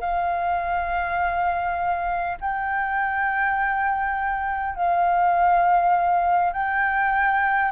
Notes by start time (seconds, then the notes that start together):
0.00 F5
2.40 G5
4.75 F5
6.53 G5